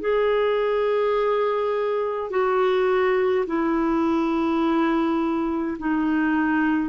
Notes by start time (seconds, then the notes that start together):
0.00 G#4
2.30 F#4
3.46 E4
5.78 D#4